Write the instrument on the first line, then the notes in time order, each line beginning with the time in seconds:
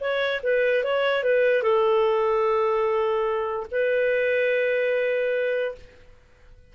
clarinet
0.00 C#5
0.43 B4
0.83 C#5
1.23 B4
1.62 A4
3.71 B4